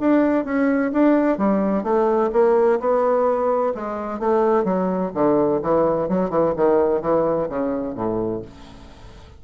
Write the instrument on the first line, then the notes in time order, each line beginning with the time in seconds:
bassoon
0.00 D4
0.45 C#4
0.93 D4
1.38 G3
1.84 A3
2.33 A#3
2.80 B3
3.75 G#3
4.20 A3
4.65 F#3
5.15 D3
5.62 E3
6.09 F#3
6.30 E3
6.57 D#3
7.02 E3
7.50 C#3
7.95 A2